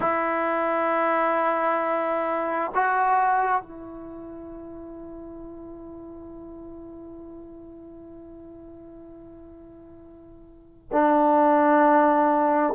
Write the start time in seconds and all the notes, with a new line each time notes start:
0.00 E4
2.74 F#4
3.62 E4
10.92 D4